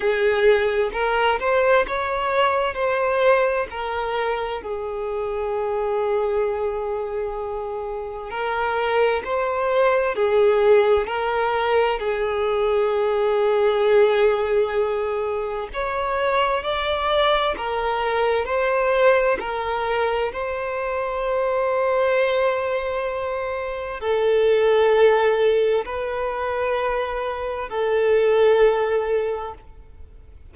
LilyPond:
\new Staff \with { instrumentName = "violin" } { \time 4/4 \tempo 4 = 65 gis'4 ais'8 c''8 cis''4 c''4 | ais'4 gis'2.~ | gis'4 ais'4 c''4 gis'4 | ais'4 gis'2.~ |
gis'4 cis''4 d''4 ais'4 | c''4 ais'4 c''2~ | c''2 a'2 | b'2 a'2 | }